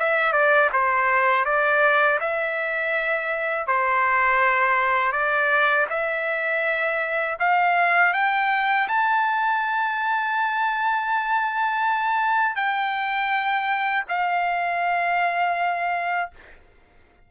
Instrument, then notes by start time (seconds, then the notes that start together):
trumpet
0.00 E5
0.33 D5
0.73 C5
1.45 D5
2.21 E5
3.68 C5
5.12 D5
5.90 E5
7.40 F5
8.14 G5
8.89 A5
12.56 G5
14.09 F5